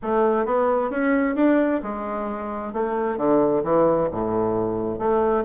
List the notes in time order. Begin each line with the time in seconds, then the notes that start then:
0.02 A3
0.45 B3
0.90 C#4
1.35 D4
1.83 G#3
2.73 A3
3.17 D3
3.63 E3
4.11 A2
4.98 A3